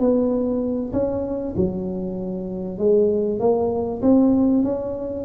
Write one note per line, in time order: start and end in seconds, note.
0.00 0.93 B3
0.93 1.55 C#4
1.57 2.79 F#3
2.79 3.40 G#3
3.40 4.02 A#3
4.02 4.64 C4
4.64 5.25 C#4